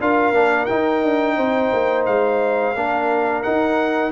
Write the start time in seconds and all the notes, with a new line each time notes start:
0.00 D4 F4 A#4 F5
0.31 A#3 D4
0.65 D#4 G5
1.03 D4
1.36 C4 C5
1.73 A#3
2.06 G#3 F5
2.74 A#3 D4 A#4
3.42 D#4 F#5